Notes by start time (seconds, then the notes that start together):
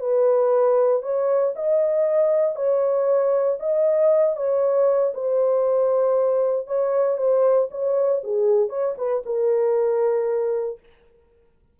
0.00 B4
1.02 C#5
1.56 D#5
2.55 C#5
3.59 D#5
4.36 C#5
5.14 C5
6.67 C#5
7.17 C5
7.71 C#5
8.24 G#4
8.69 C#5
8.97 B4
9.26 A#4